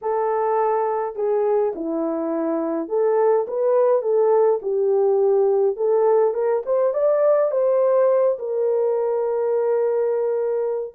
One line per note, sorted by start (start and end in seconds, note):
0.01 1.15 A4
1.15 1.73 G#4
1.75 2.88 E4
2.88 3.46 A4
3.47 4.01 B4
4.01 4.59 A4
4.62 5.76 G4
5.76 6.33 A4
6.33 6.62 A#4
6.65 6.93 C5
6.93 7.51 D5
7.51 8.38 C5
8.38 10.94 A#4